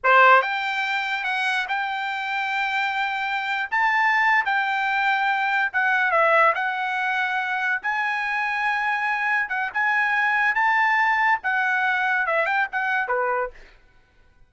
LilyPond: \new Staff \with { instrumentName = "trumpet" } { \time 4/4 \tempo 4 = 142 c''4 g''2 fis''4 | g''1~ | g''8. a''4.~ a''16 g''4.~ | g''4. fis''4 e''4 fis''8~ |
fis''2~ fis''8 gis''4.~ | gis''2~ gis''8 fis''8 gis''4~ | gis''4 a''2 fis''4~ | fis''4 e''8 g''8 fis''4 b'4 | }